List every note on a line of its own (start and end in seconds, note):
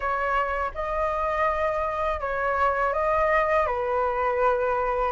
0.00 0.71 C#5
0.74 2.20 D#5
2.20 2.93 C#5
2.93 3.66 D#5
3.66 5.12 B4